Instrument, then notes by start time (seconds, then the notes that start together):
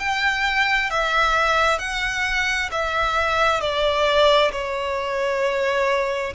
violin
0.00 G5
0.91 E5
1.79 F#5
2.72 E5
3.61 D5
4.52 C#5